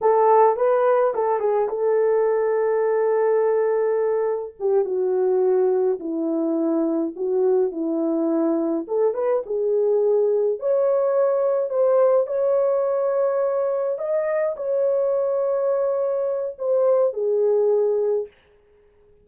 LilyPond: \new Staff \with { instrumentName = "horn" } { \time 4/4 \tempo 4 = 105 a'4 b'4 a'8 gis'8 a'4~ | a'1 | g'8 fis'2 e'4.~ | e'8 fis'4 e'2 a'8 |
b'8 gis'2 cis''4.~ | cis''8 c''4 cis''2~ cis''8~ | cis''8 dis''4 cis''2~ cis''8~ | cis''4 c''4 gis'2 | }